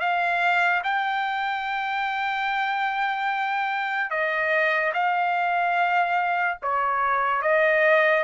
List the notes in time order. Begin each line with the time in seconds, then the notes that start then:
0.00 F5
0.84 G5
4.11 D#5
4.94 F5
6.62 C#5
7.42 D#5